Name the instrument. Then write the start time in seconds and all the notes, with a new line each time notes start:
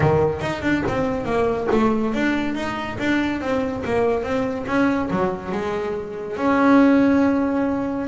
double bass
0.00 D#3
0.41 D#4
0.62 D4
0.88 C4
1.25 A#3
1.71 A3
2.14 D4
2.54 D#4
2.99 D4
3.40 C4
3.84 A#3
4.23 C4
4.66 C#4
5.10 F#3
5.52 G#3
6.36 C#4